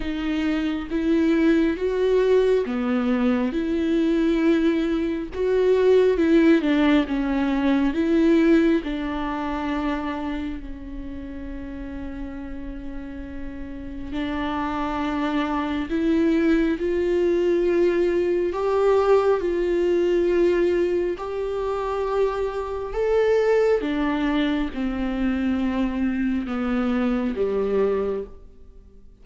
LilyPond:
\new Staff \with { instrumentName = "viola" } { \time 4/4 \tempo 4 = 68 dis'4 e'4 fis'4 b4 | e'2 fis'4 e'8 d'8 | cis'4 e'4 d'2 | cis'1 |
d'2 e'4 f'4~ | f'4 g'4 f'2 | g'2 a'4 d'4 | c'2 b4 g4 | }